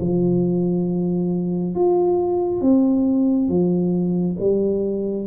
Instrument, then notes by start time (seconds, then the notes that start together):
tuba
0.00 F3
1.75 F4
2.61 C4
3.49 F3
4.40 G3